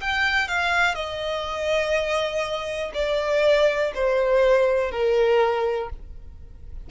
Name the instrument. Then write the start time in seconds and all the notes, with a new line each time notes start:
violin
0.00 G5
0.48 F5
0.95 D#5
2.94 D5
3.94 C5
4.91 A#4